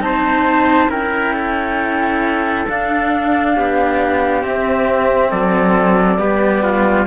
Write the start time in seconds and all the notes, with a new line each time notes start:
0.00 C4 D#4 C5 A5
0.89 C#4 E4 A#4 G5
1.34 A4
2.69 D4 F5
3.56 B3 G4
4.42 C4 E5
5.30 F#3 A4 D5
6.18 G3 B3 G4
6.63 F4